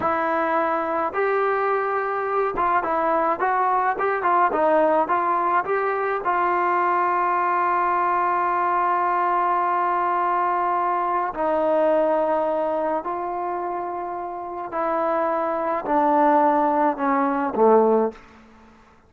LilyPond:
\new Staff \with { instrumentName = "trombone" } { \time 4/4 \tempo 4 = 106 e'2 g'2~ | g'8 f'8 e'4 fis'4 g'8 f'8 | dis'4 f'4 g'4 f'4~ | f'1~ |
f'1 | dis'2. f'4~ | f'2 e'2 | d'2 cis'4 a4 | }